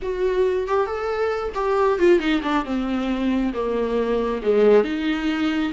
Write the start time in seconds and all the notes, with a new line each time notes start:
0.02 F#4
0.67 G4
0.86 A4
1.54 G4
1.99 F4
2.19 D#4
2.42 D4
2.64 C4
3.53 A#3
4.42 G#3
4.84 D#4